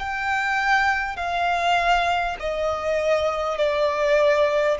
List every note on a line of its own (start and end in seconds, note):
0.00 1.17 G5
1.17 2.37 F5
2.40 3.58 D#5
3.58 4.78 D5